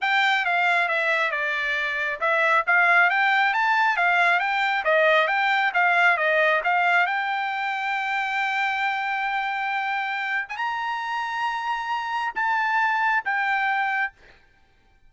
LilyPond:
\new Staff \with { instrumentName = "trumpet" } { \time 4/4 \tempo 4 = 136 g''4 f''4 e''4 d''4~ | d''4 e''4 f''4 g''4 | a''4 f''4 g''4 dis''4 | g''4 f''4 dis''4 f''4 |
g''1~ | g''2.~ g''8. gis''16 | ais''1 | a''2 g''2 | }